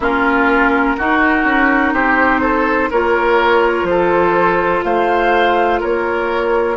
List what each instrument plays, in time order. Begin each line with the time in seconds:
0.00 bassoon A#3, clarinet C#4, oboe F4, flute A#4
0.97 clarinet D#4, bassoon D#4, oboe F#4
1.44 bassoon C#4
1.93 bassoon C4, oboe G4, flute C5
2.41 oboe A4
2.90 bassoon A#3, clarinet F4, oboe A#4, flute C#5
3.83 bassoon F3, flute C5
3.89 oboe A4
4.83 bassoon A3, oboe C5, flute F5
5.79 bassoon A#3, oboe A#4, flute C#5